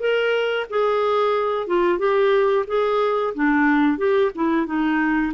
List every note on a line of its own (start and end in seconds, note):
0.00 0.67 A#4
0.70 1.67 G#4
1.67 1.99 F4
1.99 2.66 G4
2.68 3.34 G#4
3.35 3.98 D4
3.98 4.32 G4
4.35 4.66 E4
4.66 5.33 D#4